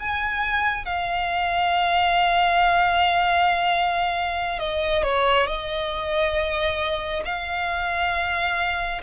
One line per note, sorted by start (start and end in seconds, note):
0.00 0.86 G#5
0.86 4.59 F5
4.59 5.03 D#5
5.03 5.47 C#5
5.47 7.24 D#5
7.26 9.02 F5